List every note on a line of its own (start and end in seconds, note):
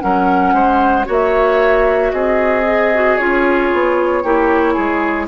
0.00 0.53 F#3
0.00 1.05 C#4
0.00 0.54 A#4
0.00 1.05 F#5
0.53 1.06 G#3
0.53 1.06 C5
1.05 2.12 A#3
1.05 2.63 F#4
1.05 2.12 C#5
1.05 2.12 E5
2.12 3.18 C4
2.12 4.23 G#4
2.12 3.17 D#5
2.65 2.92 G#4
2.94 3.20 F#4
3.17 3.72 C#4
3.17 4.24 F4
3.17 5.28 C#5
3.73 4.24 B3
4.23 4.76 A#3
4.23 5.28 E4
4.23 4.73 G4
4.73 5.28 G#3
4.73 5.26 G#4